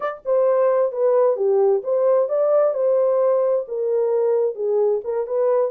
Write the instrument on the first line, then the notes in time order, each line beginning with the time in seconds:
horn
0.00 D5
0.25 C5
0.91 B4
1.36 G4
1.83 C5
2.28 D5
2.74 C5
3.68 A#4
4.55 G#4
5.03 A#4
5.26 B4